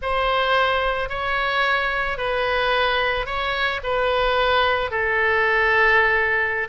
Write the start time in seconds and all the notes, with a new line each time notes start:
0.01 C5
1.09 C#5
2.17 B4
3.26 C#5
3.83 B4
4.90 A4